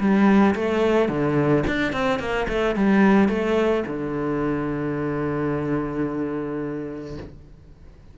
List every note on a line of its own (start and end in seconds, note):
0.00 0.55 G3
0.55 1.09 A3
1.09 1.64 D3
1.67 1.93 D4
1.93 2.20 C4
2.20 2.47 A#3
2.49 2.76 A3
2.76 3.29 G3
3.29 3.84 A3
3.87 7.18 D3